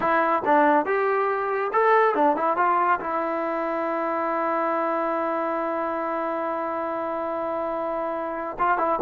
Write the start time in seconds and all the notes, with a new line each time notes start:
0.00 E4
0.45 D4
0.85 G4
1.72 A4
2.14 D4
2.36 E4
2.57 F4
3.00 E4
8.59 F4
8.77 E4